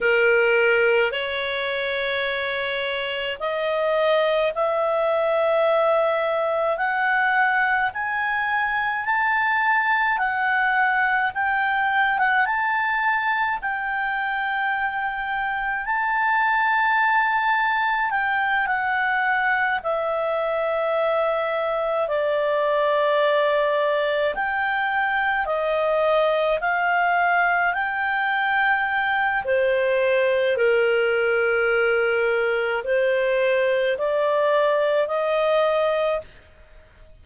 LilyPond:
\new Staff \with { instrumentName = "clarinet" } { \time 4/4 \tempo 4 = 53 ais'4 cis''2 dis''4 | e''2 fis''4 gis''4 | a''4 fis''4 g''8. fis''16 a''4 | g''2 a''2 |
g''8 fis''4 e''2 d''8~ | d''4. g''4 dis''4 f''8~ | f''8 g''4. c''4 ais'4~ | ais'4 c''4 d''4 dis''4 | }